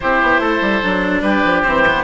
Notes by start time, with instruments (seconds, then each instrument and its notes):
0.00 bassoon C4, cello E4, oboe G4 C5
0.22 bassoon B3
0.39 bassoon A3, oboe A4
0.61 bassoon G3
0.82 bassoon F#3, cello D4
1.21 bassoon G3, oboe G4 B4
1.44 bassoon F3
1.63 bassoon E3, cello C4, oboe C5
1.87 cello B3